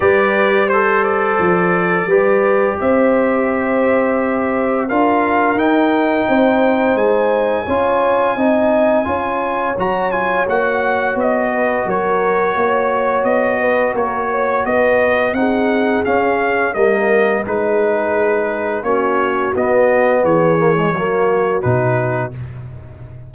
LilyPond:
<<
  \new Staff \with { instrumentName = "trumpet" } { \time 4/4 \tempo 4 = 86 d''4 c''8 d''2~ d''8 | e''2. f''4 | g''2 gis''2~ | gis''2 ais''8 gis''8 fis''4 |
dis''4 cis''2 dis''4 | cis''4 dis''4 fis''4 f''4 | dis''4 b'2 cis''4 | dis''4 cis''2 b'4 | }
  \new Staff \with { instrumentName = "horn" } { \time 4/4 b'4 c''2 b'4 | c''2. ais'4~ | ais'4 c''2 cis''4 | dis''4 cis''2.~ |
cis''8 b'8 ais'4 cis''4. b'8 | ais'8 cis''8 b'4 gis'2 | ais'4 gis'2 fis'4~ | fis'4 gis'4 fis'2 | }
  \new Staff \with { instrumentName = "trombone" } { \time 4/4 g'4 a'2 g'4~ | g'2. f'4 | dis'2. f'4 | dis'4 f'4 fis'8 f'8 fis'4~ |
fis'1~ | fis'2 dis'4 cis'4 | ais4 dis'2 cis'4 | b4. ais16 gis16 ais4 dis'4 | }
  \new Staff \with { instrumentName = "tuba" } { \time 4/4 g2 f4 g4 | c'2. d'4 | dis'4 c'4 gis4 cis'4 | c'4 cis'4 fis4 ais4 |
b4 fis4 ais4 b4 | ais4 b4 c'4 cis'4 | g4 gis2 ais4 | b4 e4 fis4 b,4 | }
>>